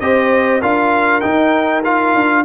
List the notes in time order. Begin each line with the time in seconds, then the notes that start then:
0.00 C4 G4 C5 D#5
0.61 D4 F4 A#4 F5
1.21 D#4 G5
1.83 F4 F5
2.15 D4